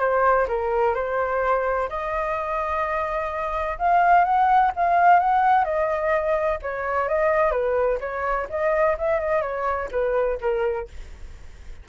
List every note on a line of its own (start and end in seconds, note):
0.00 0.47 C5
0.49 0.95 A#4
0.95 1.89 C5
1.89 3.78 D#5
3.79 4.25 F5
4.25 4.72 F#5
4.76 5.20 F5
5.20 5.65 F#5
5.65 6.59 D#5
6.62 7.09 C#5
7.09 7.52 D#5
7.52 7.99 B4
8.01 8.48 C#5
8.50 8.97 D#5
8.98 9.20 E5
9.20 9.42 D#5
9.42 9.89 C#5
9.91 10.39 B4
10.41 10.89 A#4